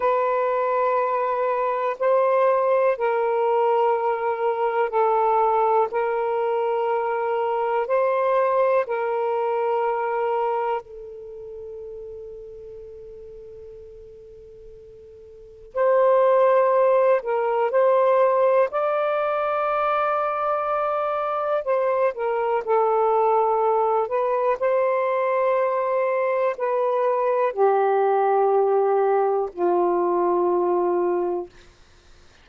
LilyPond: \new Staff \with { instrumentName = "saxophone" } { \time 4/4 \tempo 4 = 61 b'2 c''4 ais'4~ | ais'4 a'4 ais'2 | c''4 ais'2 a'4~ | a'1 |
c''4. ais'8 c''4 d''4~ | d''2 c''8 ais'8 a'4~ | a'8 b'8 c''2 b'4 | g'2 f'2 | }